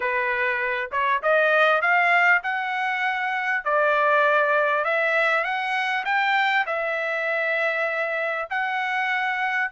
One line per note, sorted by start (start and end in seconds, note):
0.00 0.90 B4
0.91 1.21 C#5
1.22 1.81 D#5
1.81 2.42 F5
2.43 3.64 F#5
3.64 4.84 D5
4.84 5.44 E5
5.44 6.04 F#5
6.05 6.65 G5
6.66 8.48 E5
8.50 9.71 F#5